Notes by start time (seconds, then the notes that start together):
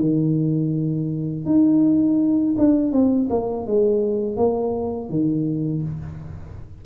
0.00 D#3
1.45 D#4
2.57 D4
2.92 C4
3.30 A#3
3.66 G#3
4.36 A#3
5.09 D#3